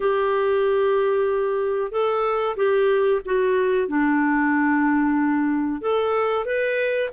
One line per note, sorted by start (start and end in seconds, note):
0.00 1.91 G4
1.91 2.56 A4
2.56 3.21 G4
3.25 3.88 F#4
3.88 5.81 D4
5.81 6.45 A4
6.45 7.09 B4